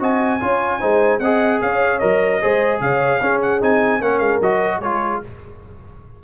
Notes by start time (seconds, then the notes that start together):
0.00 C4 F#4 D#5 G#5
0.40 C#4 F4 C#5
0.80 G#3 D#4 C5
1.20 C4 G#4 D#5 F#5
1.61 C#4 C#5 F5
1.99 F#3 A#4 D#5
2.41 G#3 G#4 C5
2.80 C#3 C#5 F5
3.21 C#4 G#4
3.42 F#5
3.61 C4 D#4 G#5
4.01 A#3 C#4 A#4 F#5
4.19 G#3 F5
4.41 F#3 F#4 D#5
4.78 G#3 F4 G#4 C#5